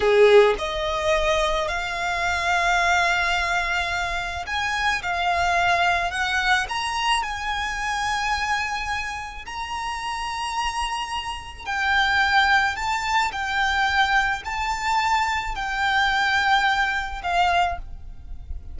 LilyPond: \new Staff \with { instrumentName = "violin" } { \time 4/4 \tempo 4 = 108 gis'4 dis''2 f''4~ | f''1 | gis''4 f''2 fis''4 | ais''4 gis''2.~ |
gis''4 ais''2.~ | ais''4 g''2 a''4 | g''2 a''2 | g''2. f''4 | }